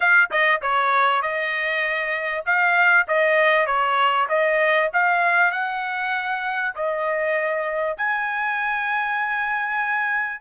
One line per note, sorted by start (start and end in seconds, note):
0.00 0.30 F5
0.30 0.61 D#5
0.61 1.21 C#5
1.21 2.44 D#5
2.45 3.06 F5
3.07 3.66 D#5
3.66 4.27 C#5
4.28 4.90 D#5
4.93 5.51 F5
5.51 6.73 F#5
6.75 7.97 D#5
7.97 10.41 G#5